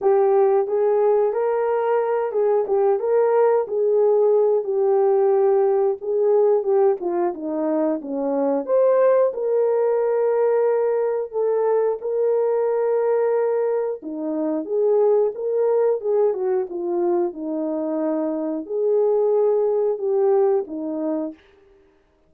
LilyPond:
\new Staff \with { instrumentName = "horn" } { \time 4/4 \tempo 4 = 90 g'4 gis'4 ais'4. gis'8 | g'8 ais'4 gis'4. g'4~ | g'4 gis'4 g'8 f'8 dis'4 | cis'4 c''4 ais'2~ |
ais'4 a'4 ais'2~ | ais'4 dis'4 gis'4 ais'4 | gis'8 fis'8 f'4 dis'2 | gis'2 g'4 dis'4 | }